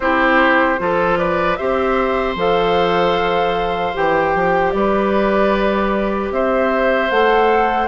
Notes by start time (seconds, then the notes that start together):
0.00 C4 E4 G4 C5
0.78 F3 F4 A4
1.17 B4 D5
1.55 C4 G4 C5 E5
2.35 F3 A4 F5
3.93 E3 G4 G5
4.34 F3
4.70 G3 B4 D5
6.31 C4 C5 E5
7.10 A3 A4 F#5